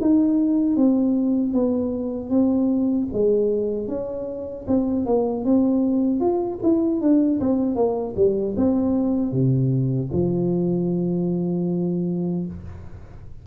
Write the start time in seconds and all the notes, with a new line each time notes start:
0.00 D#4
0.76 C4
1.53 B3
2.30 C4
3.12 G#3
3.87 C#4
4.67 C4
5.05 A#3
5.44 C4
6.20 F4
6.62 E4
7.01 D4
7.40 C4
7.75 A#3
8.16 G3
8.56 C4
9.32 C3
10.12 F3